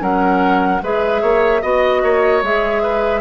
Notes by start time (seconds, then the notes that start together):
0.00 F#3 C#4 A#4 F#5
0.82 G#3 G#4 B4 E5
1.22 A#3 C#5
1.62 B3 F#4 D#5
2.03 A#3 C#5
2.43 G#3 G#4 E5
2.83 B4